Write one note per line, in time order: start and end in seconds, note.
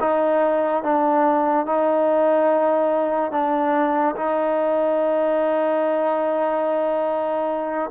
0.00 0.83 D#4
0.83 1.66 D4
1.66 3.32 D#4
3.32 4.15 D4
4.16 7.91 D#4